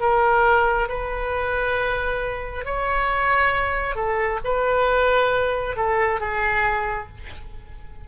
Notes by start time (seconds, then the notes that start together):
0.00 A#4
0.89 B4
2.65 C#5
3.95 A4
4.44 B4
5.76 A4
6.20 G#4